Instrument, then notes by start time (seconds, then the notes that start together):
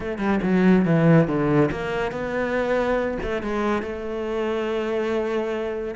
cello
0.00 A3
0.18 G3
0.43 F#3
0.85 E3
1.27 D3
1.71 A#3
2.11 B3
3.22 A3
3.42 G#3
3.82 A3